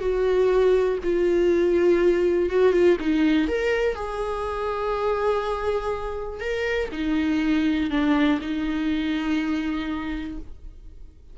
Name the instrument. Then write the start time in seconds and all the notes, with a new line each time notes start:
viola
0.00 F#4
1.04 F4
2.50 F#4
2.73 F4
3.00 D#4
3.48 A#4
3.95 G#4
6.40 A#4
6.92 D#4
7.90 D4
8.41 D#4